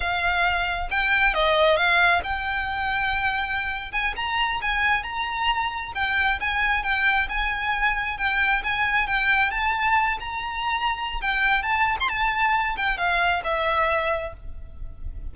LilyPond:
\new Staff \with { instrumentName = "violin" } { \time 4/4 \tempo 4 = 134 f''2 g''4 dis''4 | f''4 g''2.~ | g''8. gis''8 ais''4 gis''4 ais''8.~ | ais''4~ ais''16 g''4 gis''4 g''8.~ |
g''16 gis''2 g''4 gis''8.~ | gis''16 g''4 a''4. ais''4~ ais''16~ | ais''4 g''4 a''8. c'''16 a''4~ | a''8 g''8 f''4 e''2 | }